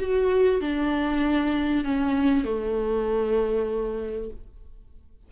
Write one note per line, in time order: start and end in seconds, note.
0.00 0.61 F#4
0.61 1.85 D4
1.85 2.45 C#4
2.45 4.30 A3